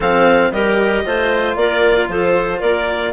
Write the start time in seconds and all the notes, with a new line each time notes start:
0.00 F3 C4 A4 F5
0.51 G3 G4 A#4 D#5
1.05 A3 F4 C5
1.55 A#3 A#4 D5
2.08 F3 A4 C5
2.58 A#3 A#4 D5